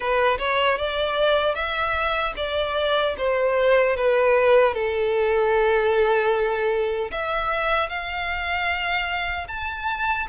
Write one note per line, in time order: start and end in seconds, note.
0.00 0.38 B4
0.38 0.78 C#5
0.78 1.54 D5
1.54 2.33 E5
2.36 3.15 D5
3.17 3.96 C5
3.96 4.74 B4
4.74 7.11 A4
7.11 7.89 E5
7.89 9.47 F5
9.48 10.27 A5